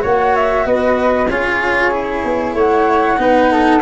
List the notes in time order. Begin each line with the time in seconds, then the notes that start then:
0.00 A#3 F#4 C#5 F#5
0.36 E5
0.66 B3 B4 D#5
1.29 C#4 F4 G#4 C#5
1.91 E4
2.25 B3
2.54 A3 C#5 F#5
3.18 B3 D#4 B4
3.52 A4